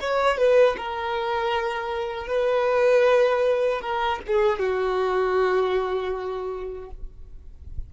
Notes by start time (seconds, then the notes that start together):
0.00 C#5
0.37 B4
0.77 A#4
2.27 B4
3.81 A#4
4.27 G#4
4.59 F#4